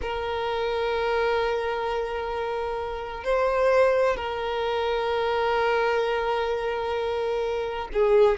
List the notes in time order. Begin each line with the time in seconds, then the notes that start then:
0.01 A#4
3.24 C5
4.16 A#4
7.93 G#4